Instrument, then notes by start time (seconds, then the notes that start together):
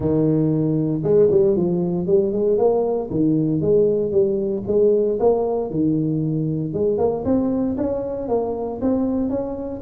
tuba
0.00 D#3
1.03 G#3
1.30 G3
1.56 F3
2.06 G3
2.32 G#3
2.58 A#3
3.10 D#3
3.61 G#3
4.11 G3
4.67 G#3
5.19 A#3
5.70 D#3
6.73 G#3
6.98 A#3
7.24 C4
7.77 C#4
8.28 A#3
8.81 C4
9.29 C#4